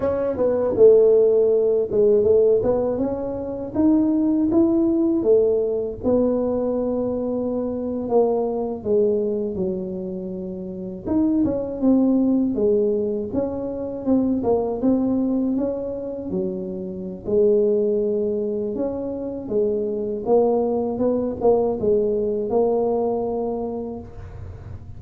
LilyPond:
\new Staff \with { instrumentName = "tuba" } { \time 4/4 \tempo 4 = 80 cis'8 b8 a4. gis8 a8 b8 | cis'4 dis'4 e'4 a4 | b2~ b8. ais4 gis16~ | gis8. fis2 dis'8 cis'8 c'16~ |
c'8. gis4 cis'4 c'8 ais8 c'16~ | c'8. cis'4 fis4~ fis16 gis4~ | gis4 cis'4 gis4 ais4 | b8 ais8 gis4 ais2 | }